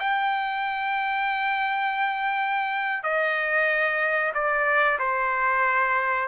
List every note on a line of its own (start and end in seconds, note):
0.00 3.04 G5
3.04 4.33 D#5
4.34 4.99 D5
4.99 6.28 C5